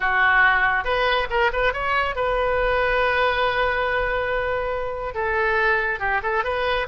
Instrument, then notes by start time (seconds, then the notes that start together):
oboe
0.00 F#4
0.84 B4
1.30 A#4
1.52 B4
1.73 C#5
2.15 B4
5.14 A4
5.99 G4
6.22 A4
6.44 B4